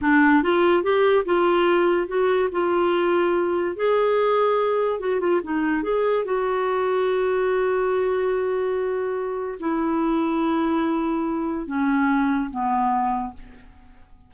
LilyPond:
\new Staff \with { instrumentName = "clarinet" } { \time 4/4 \tempo 4 = 144 d'4 f'4 g'4 f'4~ | f'4 fis'4 f'2~ | f'4 gis'2. | fis'8 f'8 dis'4 gis'4 fis'4~ |
fis'1~ | fis'2. e'4~ | e'1 | cis'2 b2 | }